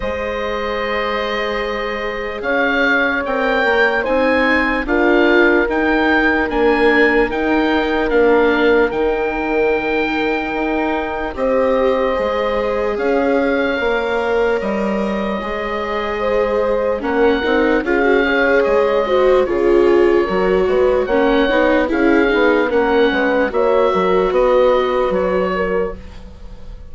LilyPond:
<<
  \new Staff \with { instrumentName = "oboe" } { \time 4/4 \tempo 4 = 74 dis''2. f''4 | g''4 gis''4 f''4 g''4 | gis''4 g''4 f''4 g''4~ | g''2 dis''2 |
f''2 dis''2~ | dis''4 fis''4 f''4 dis''4 | cis''2 fis''4 f''4 | fis''4 e''4 dis''4 cis''4 | }
  \new Staff \with { instrumentName = "horn" } { \time 4/4 c''2. cis''4~ | cis''4 c''4 ais'2~ | ais'1~ | ais'2 c''2 |
cis''1 | c''4 ais'4 gis'8 cis''4 c''8 | gis'4 ais'8 b'8 cis''4 gis'4 | ais'8 b'8 cis''8 ais'8 b'4. ais'8 | }
  \new Staff \with { instrumentName = "viola" } { \time 4/4 gis'1 | ais'4 dis'4 f'4 dis'4 | d'4 dis'4 d'4 dis'4~ | dis'2 g'4 gis'4~ |
gis'4 ais'2 gis'4~ | gis'4 cis'8 dis'8 f'16 fis'16 gis'4 fis'8 | f'4 fis'4 cis'8 dis'8 e'8 dis'8 | cis'4 fis'2. | }
  \new Staff \with { instrumentName = "bassoon" } { \time 4/4 gis2. cis'4 | c'8 ais8 c'4 d'4 dis'4 | ais4 dis'4 ais4 dis4~ | dis4 dis'4 c'4 gis4 |
cis'4 ais4 g4 gis4~ | gis4 ais8 c'8 cis'4 gis4 | cis4 fis8 gis8 ais8 b8 cis'8 b8 | ais8 gis8 ais8 fis8 b4 fis4 | }
>>